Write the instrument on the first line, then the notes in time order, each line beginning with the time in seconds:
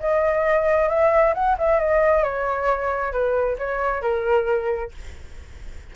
flute
0.00 D#5
0.89 E5
1.35 F#5
1.58 E5
1.80 D#5
2.24 C#5
3.12 B4
3.58 C#5
4.02 A#4